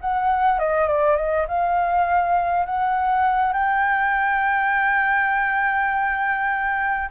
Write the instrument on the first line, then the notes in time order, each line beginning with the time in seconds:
flute
0.00 F#5
0.59 D#5
0.87 D5
1.16 D#5
1.47 F5
2.65 F#5
3.53 G5